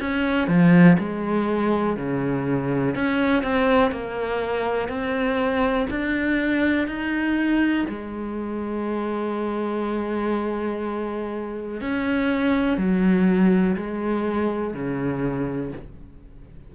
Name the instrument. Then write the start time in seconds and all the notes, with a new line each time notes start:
cello
0.00 C#4
0.48 F3
0.99 G#3
1.97 C#3
2.95 C#4
3.43 C4
3.92 A#3
4.89 C4
5.91 D4
6.88 D#4
7.89 G#3
11.81 C#4
12.78 F#3
13.77 G#3
14.74 C#3